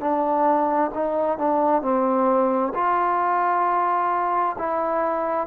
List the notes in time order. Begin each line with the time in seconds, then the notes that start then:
0.00 D4
0.94 D#4
1.38 D4
1.82 C4
2.74 F4
4.58 E4